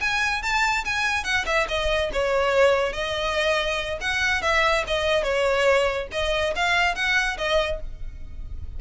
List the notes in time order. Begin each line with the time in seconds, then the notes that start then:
0.00 G#5
0.42 A5
0.85 G#5
1.24 F#5
1.46 E5
1.68 D#5
2.12 C#5
2.92 D#5
4.00 F#5
4.42 E5
4.87 D#5
5.23 C#5
6.11 D#5
6.55 F5
6.95 F#5
7.37 D#5